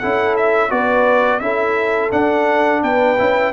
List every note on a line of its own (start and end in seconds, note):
0.00 0.72 C#4
0.00 0.70 E4
0.00 0.71 A4
0.00 0.36 F#5
0.37 0.71 E5
0.70 1.41 B3
0.70 1.41 F#4
0.70 1.42 B4
0.70 1.40 D5
1.40 2.12 C#4
1.40 2.11 E4
1.40 2.84 A4
1.40 2.11 E5
2.11 3.17 D4
2.11 2.83 D4
2.11 2.83 F#5
2.83 3.19 B3
2.83 3.54 B4
2.83 3.54 G5
3.19 3.54 C#4
3.19 3.54 E4